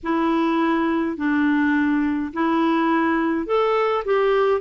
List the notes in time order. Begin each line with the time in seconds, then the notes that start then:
0.03 E4
1.16 D4
2.33 E4
3.46 A4
4.04 G4